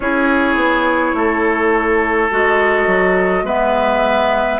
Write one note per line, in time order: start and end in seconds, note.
0.00 0.55 C#4
0.00 2.30 E4
0.00 1.16 G#4
0.00 2.30 C#5
0.55 1.12 B3
1.13 2.29 A3
1.13 3.45 A4
2.30 2.87 G#3
2.30 3.46 F#4
2.30 3.45 D#5
2.87 3.42 F#3
3.42 4.58 G#3
3.42 4.59 B3
3.42 4.59 B4
3.42 4.59 E5